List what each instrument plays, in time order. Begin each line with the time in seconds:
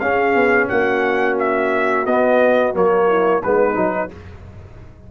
0.00 tuba C#4, trombone C#4, horn G#4, trumpet F5
0.35 tuba B3
0.69 tuba A#3, horn F#4, trumpet F#5
1.39 trumpet E5
2.06 tuba B3, trombone B3, trumpet D#5
2.74 tuba F#3, trombone A#3, trumpet C#5
3.09 horn E4
3.43 tuba G#3, trombone B3, horn D#4, trumpet B4
3.75 tuba F#3, trombone D#4